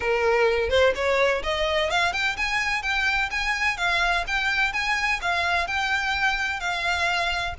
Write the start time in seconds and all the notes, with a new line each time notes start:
0.00 A#4
0.69 C5
0.95 C#5
1.43 D#5
1.90 F5
2.12 G5
2.36 G#5
2.82 G5
3.30 G#5
3.77 F5
4.27 G5
4.72 G#5
5.21 F5
5.67 G5
6.60 F5